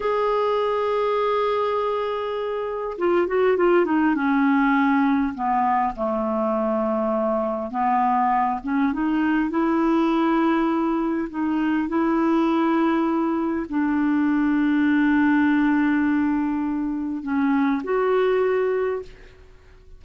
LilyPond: \new Staff \with { instrumentName = "clarinet" } { \time 4/4 \tempo 4 = 101 gis'1~ | gis'4 f'8 fis'8 f'8 dis'8 cis'4~ | cis'4 b4 a2~ | a4 b4. cis'8 dis'4 |
e'2. dis'4 | e'2. d'4~ | d'1~ | d'4 cis'4 fis'2 | }